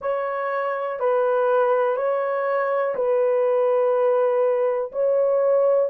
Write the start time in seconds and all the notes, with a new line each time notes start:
0.01 C#5
0.99 B4
1.96 C#5
2.95 B4
4.92 C#5